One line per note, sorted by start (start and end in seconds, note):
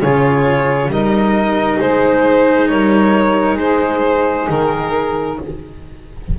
0.00 0.88 C#3
0.00 0.92 F4
0.00 0.90 G#4
0.00 0.91 C#5
0.88 1.78 G3
0.88 5.40 D#4
0.88 1.79 A#4
0.88 1.81 D#5
1.79 2.71 G#3
1.79 2.69 G#4
1.79 2.68 C5
2.68 3.58 G3
2.68 3.60 A#4
2.68 3.58 C#5
3.58 4.48 G#3
3.58 5.39 G#4
3.58 4.49 C5
4.50 5.39 D#3
4.50 5.40 A#4